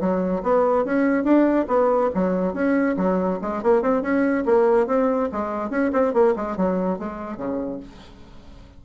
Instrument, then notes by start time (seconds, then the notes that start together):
bassoon
0.00 F#3
0.42 B3
0.85 C#4
1.24 D4
1.67 B3
2.14 F#3
2.53 C#4
2.97 F#3
3.41 G#3
3.63 A#3
3.82 C4
4.02 C#4
4.45 A#3
4.86 C4
5.32 G#3
5.70 C#4
5.93 C4
6.13 A#3
6.36 G#3
6.57 F#3
6.99 G#3
7.37 C#3